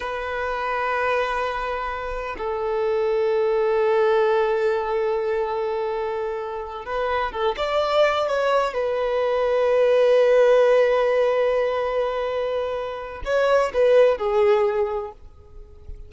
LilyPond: \new Staff \with { instrumentName = "violin" } { \time 4/4 \tempo 4 = 127 b'1~ | b'4 a'2.~ | a'1~ | a'2~ a'8 b'4 a'8 |
d''4. cis''4 b'4.~ | b'1~ | b'1 | cis''4 b'4 gis'2 | }